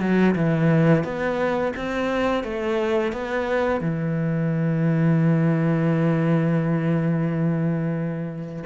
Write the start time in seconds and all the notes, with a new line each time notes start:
0.00 F#3
0.35 E3
1.03 B3
1.76 C4
2.44 A3
3.12 B3
3.80 E3